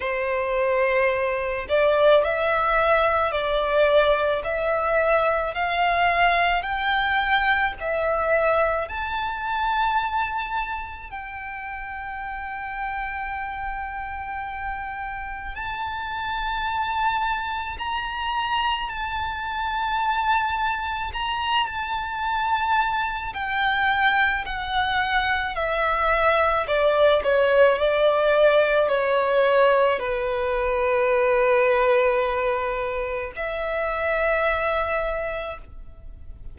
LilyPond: \new Staff \with { instrumentName = "violin" } { \time 4/4 \tempo 4 = 54 c''4. d''8 e''4 d''4 | e''4 f''4 g''4 e''4 | a''2 g''2~ | g''2 a''2 |
ais''4 a''2 ais''8 a''8~ | a''4 g''4 fis''4 e''4 | d''8 cis''8 d''4 cis''4 b'4~ | b'2 e''2 | }